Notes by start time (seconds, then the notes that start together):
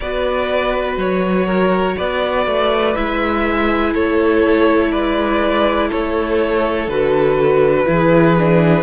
0.00 B3 F#4 B4 D5
0.97 F#3 C#5
1.46 A#4
1.97 B3 B4 D5
2.46 A3
2.94 G#3 E4 E5
3.93 A3 A4 C#5
4.91 G#3 B4 D5
5.88 A3 A4 C#5
6.87 D3 F#4 B4
7.85 E3 E4 G#4
8.38 D4